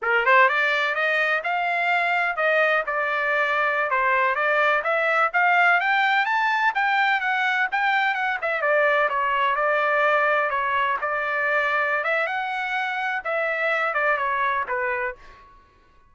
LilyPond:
\new Staff \with { instrumentName = "trumpet" } { \time 4/4 \tempo 4 = 127 ais'8 c''8 d''4 dis''4 f''4~ | f''4 dis''4 d''2~ | d''16 c''4 d''4 e''4 f''8.~ | f''16 g''4 a''4 g''4 fis''8.~ |
fis''16 g''4 fis''8 e''8 d''4 cis''8.~ | cis''16 d''2 cis''4 d''8.~ | d''4. e''8 fis''2 | e''4. d''8 cis''4 b'4 | }